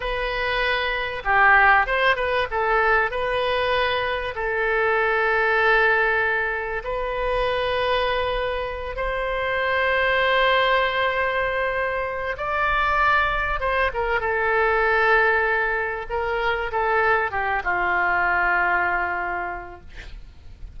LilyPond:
\new Staff \with { instrumentName = "oboe" } { \time 4/4 \tempo 4 = 97 b'2 g'4 c''8 b'8 | a'4 b'2 a'4~ | a'2. b'4~ | b'2~ b'8 c''4.~ |
c''1 | d''2 c''8 ais'8 a'4~ | a'2 ais'4 a'4 | g'8 f'2.~ f'8 | }